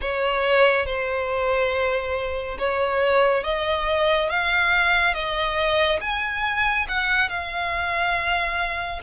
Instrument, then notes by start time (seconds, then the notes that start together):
violin
0.01 C#5
0.86 C5
2.58 C#5
3.43 D#5
4.29 F5
5.14 D#5
6.00 G#5
6.88 F#5
7.29 F5